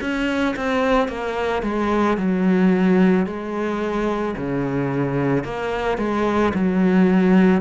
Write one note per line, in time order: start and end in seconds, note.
0.00 0.55 C#4
0.56 1.08 C4
1.08 1.62 A#3
1.62 2.17 G#3
2.17 3.26 F#3
3.26 4.35 G#3
4.36 5.44 C#3
5.44 5.98 A#3
5.98 6.52 G#3
6.54 7.61 F#3